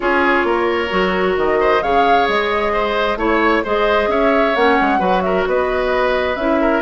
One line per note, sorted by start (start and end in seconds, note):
0.00 0.44 C#4
0.00 0.88 F4
0.00 0.46 G#4
0.00 1.36 C#5
0.44 0.89 A#3
0.44 1.60 A#4
0.89 1.36 F#3
0.89 1.80 F#4
1.36 1.82 D#3
1.36 1.82 D#5
1.60 1.82 C5
1.82 2.28 C#3
1.82 3.17 G#4
1.82 2.72 C#5
1.82 2.27 F5
2.28 3.16 G#3
2.28 3.19 D#5
2.72 3.17 C5
3.16 3.61 A3
3.16 3.63 E4
3.16 3.63 C#5
3.16 3.64 C#5
3.63 4.07 G#3
3.63 4.55 G#4
3.63 4.09 C5
3.63 4.10 D#5
4.07 4.53 C#4
4.07 4.99 C#5
4.07 4.55 E5
4.55 4.78 A#3
4.55 4.98 C#4
4.55 5.21 F#5
4.80 4.99 G#3
4.98 5.45 F#3
4.98 6.35 F#4
4.98 5.22 B4
5.21 5.47 A#4
5.21 5.44 E5
5.46 6.35 B3
5.46 6.60 B4
5.46 6.36 D#5
6.35 6.81 C#4
6.35 6.81 E4
6.35 6.81 E5
6.60 6.81 A#4